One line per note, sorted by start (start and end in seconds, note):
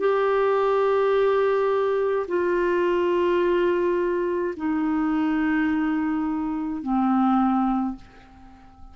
0.00 2.26 G4
2.28 4.55 F4
4.57 6.83 D#4
6.83 7.97 C4